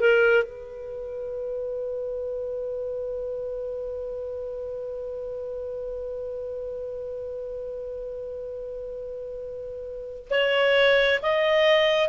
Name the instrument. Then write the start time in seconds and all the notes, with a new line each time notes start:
clarinet
0.00 A#4
0.44 B4
10.30 C#5
11.22 D#5